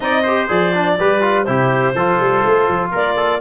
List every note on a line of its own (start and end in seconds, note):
0.00 0.49 C4
0.00 0.24 D#4
0.00 0.23 D5
0.00 0.48 D#5
0.23 0.48 G4
0.23 0.96 C5
0.48 0.98 F3
0.48 0.73 G#4
0.48 1.43 D5
0.74 0.99 D4
0.99 1.48 G3
0.99 1.21 G4
0.99 1.48 B4
1.21 1.45 F4
1.43 1.94 C3
1.43 1.95 E4
1.43 1.95 G4
1.43 2.90 C5
1.94 2.19 F3
1.94 3.40 F4
1.94 2.91 A4
2.19 2.43 G3
2.45 2.67 A3
2.67 2.92 F3
2.91 3.40 A#3
2.91 3.15 A#4
2.91 3.40 D5
3.16 3.40 A4